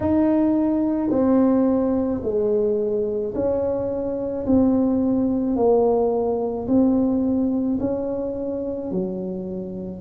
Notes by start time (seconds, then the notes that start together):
0.00 D#4
1.10 C4
2.23 G#3
3.34 C#4
4.46 C4
5.56 A#3
6.67 C4
7.80 C#4
8.91 F#3